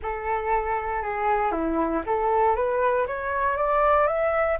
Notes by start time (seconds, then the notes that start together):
0.02 A4
1.02 G#4
1.51 E4
2.06 A4
2.55 B4
3.06 C#5
3.56 D5
4.07 E5